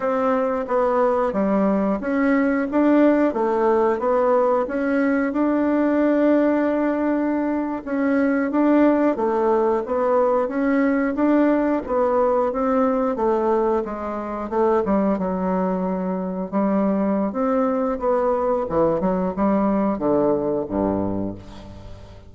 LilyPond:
\new Staff \with { instrumentName = "bassoon" } { \time 4/4 \tempo 4 = 90 c'4 b4 g4 cis'4 | d'4 a4 b4 cis'4 | d'2.~ d'8. cis'16~ | cis'8. d'4 a4 b4 cis'16~ |
cis'8. d'4 b4 c'4 a16~ | a8. gis4 a8 g8 fis4~ fis16~ | fis8. g4~ g16 c'4 b4 | e8 fis8 g4 d4 g,4 | }